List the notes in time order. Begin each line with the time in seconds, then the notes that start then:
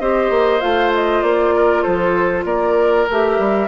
0.00 C4 G4 C5 D#5
0.30 A#3
0.61 A3 F4 F5
0.95 D#5
1.22 A#3 D5
1.55 A#4
1.82 F3 A4 C5
2.45 A#3 A#4 D5
3.10 A3 G4 E5
3.39 G3